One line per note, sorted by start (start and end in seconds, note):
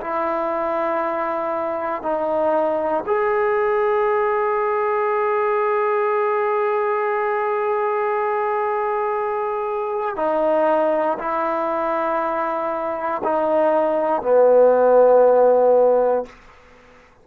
0.00 2.02 E4
2.02 3.04 D#4
3.06 10.16 G#4
10.16 11.17 D#4
11.18 13.22 E4
13.23 14.22 D#4
14.22 16.25 B3